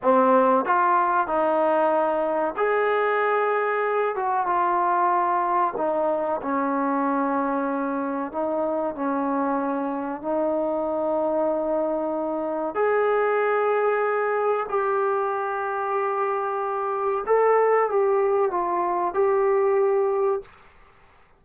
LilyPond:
\new Staff \with { instrumentName = "trombone" } { \time 4/4 \tempo 4 = 94 c'4 f'4 dis'2 | gis'2~ gis'8 fis'8 f'4~ | f'4 dis'4 cis'2~ | cis'4 dis'4 cis'2 |
dis'1 | gis'2. g'4~ | g'2. a'4 | g'4 f'4 g'2 | }